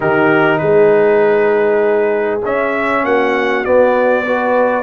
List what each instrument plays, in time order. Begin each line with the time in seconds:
0.00 tuba D#3, trombone D#4, horn G4, trumpet A#4
0.58 tuba G#3, horn G#4, trumpet B4
2.44 tuba C#4, trombone C#4, trumpet E5
3.04 tuba A#3, horn F#4, trumpet F#5
3.64 trombone B3, tuba B3, trumpet D5
4.25 trombone F#4, horn B4